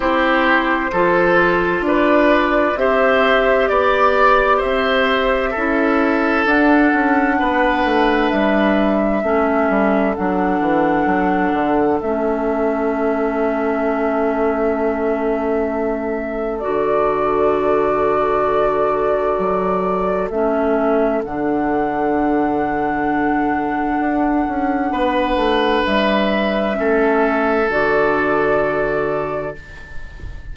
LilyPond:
<<
  \new Staff \with { instrumentName = "flute" } { \time 4/4 \tempo 4 = 65 c''2 d''4 e''4 | d''4 e''2 fis''4~ | fis''4 e''2 fis''4~ | fis''4 e''2.~ |
e''2 d''2~ | d''2 e''4 fis''4~ | fis''1 | e''2 d''2 | }
  \new Staff \with { instrumentName = "oboe" } { \time 4/4 g'4 a'4 b'4 c''4 | d''4 c''4 a'2 | b'2 a'2~ | a'1~ |
a'1~ | a'1~ | a'2. b'4~ | b'4 a'2. | }
  \new Staff \with { instrumentName = "clarinet" } { \time 4/4 e'4 f'2 g'4~ | g'2 e'4 d'4~ | d'2 cis'4 d'4~ | d'4 cis'2.~ |
cis'2 fis'2~ | fis'2 cis'4 d'4~ | d'1~ | d'4 cis'4 fis'2 | }
  \new Staff \with { instrumentName = "bassoon" } { \time 4/4 c'4 f4 d'4 c'4 | b4 c'4 cis'4 d'8 cis'8 | b8 a8 g4 a8 g8 fis8 e8 | fis8 d8 a2.~ |
a2 d2~ | d4 fis4 a4 d4~ | d2 d'8 cis'8 b8 a8 | g4 a4 d2 | }
>>